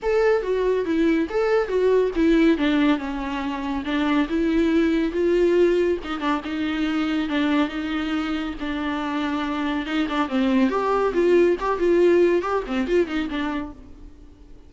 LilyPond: \new Staff \with { instrumentName = "viola" } { \time 4/4 \tempo 4 = 140 a'4 fis'4 e'4 a'4 | fis'4 e'4 d'4 cis'4~ | cis'4 d'4 e'2 | f'2 dis'8 d'8 dis'4~ |
dis'4 d'4 dis'2 | d'2. dis'8 d'8 | c'4 g'4 f'4 g'8 f'8~ | f'4 g'8 c'8 f'8 dis'8 d'4 | }